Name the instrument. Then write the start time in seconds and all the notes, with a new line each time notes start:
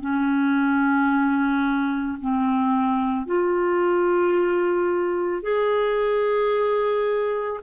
clarinet
0.00 C#4
2.20 C4
3.26 F4
5.42 G#4